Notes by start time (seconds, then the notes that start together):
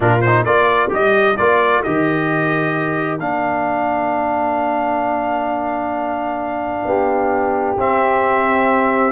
0.00 A#2 D4 F4 A#4
0.21 D#4 C5
0.44 A#3 F4 A#4 D5
0.89 G3 G4 D#5
1.37 A#3 F4 D5
1.83 D#3 G4 D#5
3.19 A#3 D4 F5
6.84 B3 G4
7.77 C4 E5